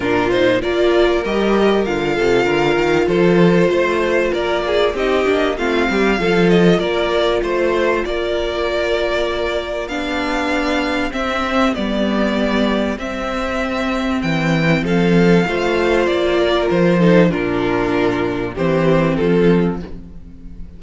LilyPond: <<
  \new Staff \with { instrumentName = "violin" } { \time 4/4 \tempo 4 = 97 ais'8 c''8 d''4 dis''4 f''4~ | f''4 c''2 d''4 | dis''4 f''4. dis''8 d''4 | c''4 d''2. |
f''2 e''4 d''4~ | d''4 e''2 g''4 | f''2 d''4 c''4 | ais'2 c''4 a'4 | }
  \new Staff \with { instrumentName = "violin" } { \time 4/4 f'4 ais'2~ ais'8 a'8 | ais'4 a'4 c''4 ais'8 gis'8 | g'4 f'8 g'8 a'4 ais'4 | c''4 ais'2. |
g'1~ | g'1 | a'4 c''4. ais'4 a'8 | f'2 g'4 f'4 | }
  \new Staff \with { instrumentName = "viola" } { \time 4/4 d'8 dis'8 f'4 g'4 f'4~ | f'1 | dis'8 d'8 c'4 f'2~ | f'1 |
d'2 c'4 b4~ | b4 c'2.~ | c'4 f'2~ f'8 dis'8 | d'2 c'2 | }
  \new Staff \with { instrumentName = "cello" } { \time 4/4 ais,4 ais4 g4 d8 c8 | d8 dis8 f4 a4 ais4 | c'8 ais8 a8 g8 f4 ais4 | a4 ais2. |
b2 c'4 g4~ | g4 c'2 e4 | f4 a4 ais4 f4 | ais,2 e4 f4 | }
>>